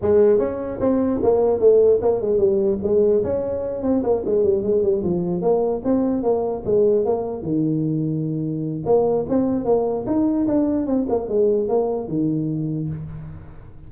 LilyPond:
\new Staff \with { instrumentName = "tuba" } { \time 4/4 \tempo 4 = 149 gis4 cis'4 c'4 ais4 | a4 ais8 gis8 g4 gis4 | cis'4. c'8 ais8 gis8 g8 gis8 | g8 f4 ais4 c'4 ais8~ |
ais8 gis4 ais4 dis4.~ | dis2 ais4 c'4 | ais4 dis'4 d'4 c'8 ais8 | gis4 ais4 dis2 | }